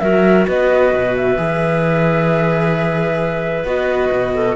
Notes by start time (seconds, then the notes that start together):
0.00 F#3 F#4 A#4 E5
0.48 B3 B4 D#5
0.93 B2
1.17 E5
1.37 E3 G#4
3.64 B3 F#4 D#5
4.12 B2
4.35 A4